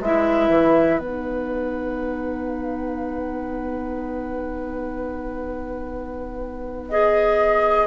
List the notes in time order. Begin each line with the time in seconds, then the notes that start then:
0.00 G#3 E4 B4 E5
0.49 E3
0.97 B3 D#4 F#5
6.89 G#4 D#5